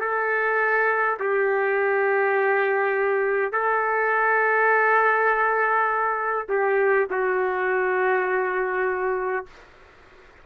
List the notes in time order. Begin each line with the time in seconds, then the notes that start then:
0.00 A4
1.19 G4
3.52 A4
6.49 G4
7.10 F#4